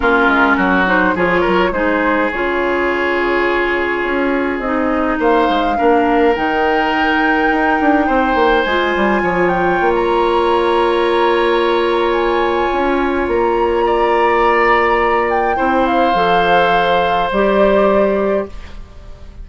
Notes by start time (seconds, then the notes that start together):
0.00 A#3 C#4 F4 A#4
0.27 G#3
0.56 F#3 F#4
0.86 D#4 C5
1.15 F3 F4 G#4 C#5
1.40 A#4
1.47 F#3
1.71 G#3 D#4 G#4 C5
2.31 C#3 F4 C#5
4.03 C#4
4.59 C4 D#4 D#5
5.19 A#3 C5 F5
5.49 G#3
5.76 A#3 D4 A#4
6.35 D#3 D#4 G5
7.50 D#4
7.80 D4
8.06 C4 C5
8.34 A#3
8.63 G#3 F4 G#5
8.96 G3
9.22 F3 C#5
9.48 G5
9.80 A#3
9.95 A#5
12.11 G#5
12.72 C#4
13.27 A#3 A#5
13.85 D5
15.29 G5
15.56 C4 E4 C5
15.86 F5
16.14 F3 A4
17.31 G3 G4 D5